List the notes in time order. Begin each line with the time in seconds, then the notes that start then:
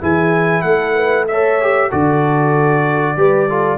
0.00 E3 E4 G#4 G#5
0.61 A3 A4 F#5
0.94 B4
1.28 A4 C#5 E5
1.61 G4
1.88 D3 F#4 A4 D5
3.16 G3 G4 B4
3.49 F4 A4